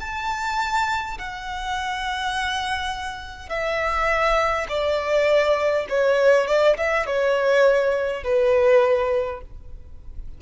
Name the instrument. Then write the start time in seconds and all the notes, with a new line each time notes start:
violin
0.00 A5
1.19 F#5
3.49 E5
4.69 D5
5.89 C#5
6.47 D5
6.77 E5
7.06 C#5
8.24 B4